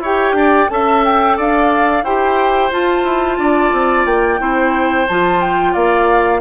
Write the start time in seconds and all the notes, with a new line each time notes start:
0.00 E4 G4 C#5 G5
0.33 D4 D5
0.69 C#4 A4 E5 A5
1.05 G5
1.37 D4 D5 F5
2.04 E4 G4 C5 G5
2.71 F4 A5
3.04 E4
3.38 D4 D5
3.73 C4
4.06 A#3 G5
4.39 C4 E4 C5
5.08 F3 F4 A5
5.41 G5
5.73 A#3 D5 F5